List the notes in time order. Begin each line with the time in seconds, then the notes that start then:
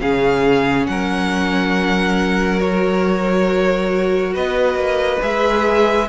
0.00 C#3 C#4 G#4 F5
0.86 F#3 A#4 F#5
2.59 F#4 C#5
4.34 B3 B4 D#5
4.74 A#3
5.20 G#3 G#4 E5